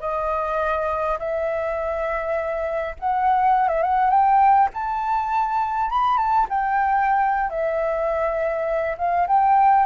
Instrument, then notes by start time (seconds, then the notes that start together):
flute
0.00 D#5
1.19 E5
2.99 F#5
3.68 E5
3.83 F#5
4.10 G5
4.74 A5
5.90 B5
6.17 A5
6.49 G5
7.49 E5
8.98 F5
9.27 G5